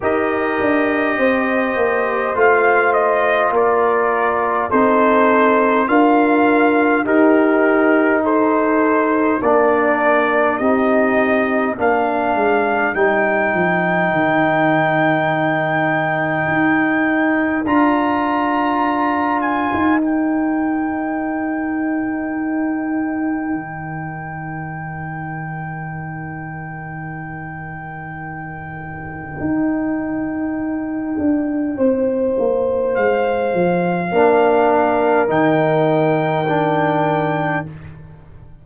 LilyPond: <<
  \new Staff \with { instrumentName = "trumpet" } { \time 4/4 \tempo 4 = 51 dis''2 f''8 dis''8 d''4 | c''4 f''4 ais'4 c''4 | d''4 dis''4 f''4 g''4~ | g''2. ais''4~ |
ais''8 gis''8 g''2.~ | g''1~ | g''1 | f''2 g''2 | }
  \new Staff \with { instrumentName = "horn" } { \time 4/4 ais'4 c''2 ais'4 | a'4 ais'4 g'4 a'4 | ais'4 g'4 ais'2~ | ais'1~ |
ais'1~ | ais'1~ | ais'2. c''4~ | c''4 ais'2. | }
  \new Staff \with { instrumentName = "trombone" } { \time 4/4 g'2 f'2 | dis'4 f'4 dis'2 | d'4 dis'4 d'4 dis'4~ | dis'2. f'4~ |
f'4 dis'2.~ | dis'1~ | dis'1~ | dis'4 d'4 dis'4 d'4 | }
  \new Staff \with { instrumentName = "tuba" } { \time 4/4 dis'8 d'8 c'8 ais8 a4 ais4 | c'4 d'4 dis'2 | ais4 c'4 ais8 gis8 g8 f8 | dis2 dis'4 d'4~ |
d'8. dis'2.~ dis'16 | dis1~ | dis4 dis'4. d'8 c'8 ais8 | gis8 f8 ais4 dis2 | }
>>